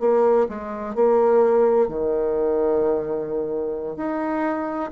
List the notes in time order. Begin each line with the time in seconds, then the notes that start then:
0.00 A#3
0.48 G#3
0.95 A#3
1.88 D#3
3.97 D#4